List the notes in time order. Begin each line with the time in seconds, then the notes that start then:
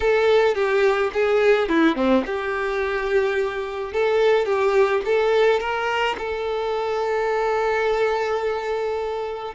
0.00 A4
0.55 G4
1.13 G#4
1.68 E4
1.95 C4
2.26 G4
3.93 A4
4.45 G4
5.05 A4
5.60 A#4
6.18 A4